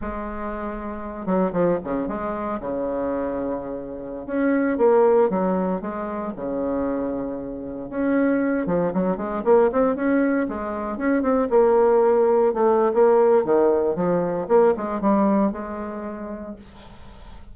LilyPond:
\new Staff \with { instrumentName = "bassoon" } { \time 4/4 \tempo 4 = 116 gis2~ gis8 fis8 f8 cis8 | gis4 cis2.~ | cis16 cis'4 ais4 fis4 gis8.~ | gis16 cis2. cis'8.~ |
cis'8. f8 fis8 gis8 ais8 c'8 cis'8.~ | cis'16 gis4 cis'8 c'8 ais4.~ ais16~ | ais16 a8. ais4 dis4 f4 | ais8 gis8 g4 gis2 | }